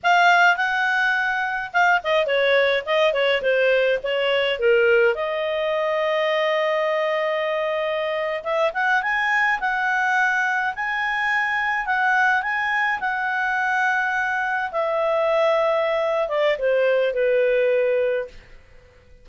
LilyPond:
\new Staff \with { instrumentName = "clarinet" } { \time 4/4 \tempo 4 = 105 f''4 fis''2 f''8 dis''8 | cis''4 dis''8 cis''8 c''4 cis''4 | ais'4 dis''2.~ | dis''2~ dis''8. e''8 fis''8 gis''16~ |
gis''8. fis''2 gis''4~ gis''16~ | gis''8. fis''4 gis''4 fis''4~ fis''16~ | fis''4.~ fis''16 e''2~ e''16~ | e''8 d''8 c''4 b'2 | }